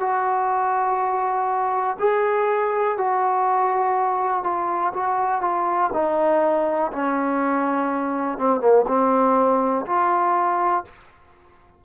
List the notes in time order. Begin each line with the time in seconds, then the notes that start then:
0.00 F#4
1.99 G#4
2.97 F#4
4.44 F4
4.94 F#4
5.41 F4
5.93 D#4
6.93 C#4
8.38 C4
8.60 A#3
8.87 C4
9.86 F4